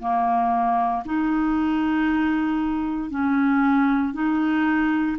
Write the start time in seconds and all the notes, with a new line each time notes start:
0.00 A#3
1.05 D#4
3.10 C#4
4.13 D#4